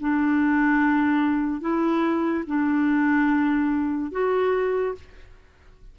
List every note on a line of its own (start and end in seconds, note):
0.00 1.61 D4
1.61 2.44 E4
2.47 4.11 D4
4.11 4.95 F#4